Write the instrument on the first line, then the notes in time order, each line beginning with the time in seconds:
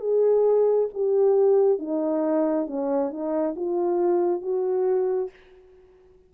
horn
0.00 G#4
0.94 G4
1.79 D#4
2.67 C#4
3.10 D#4
3.56 F4
4.42 F#4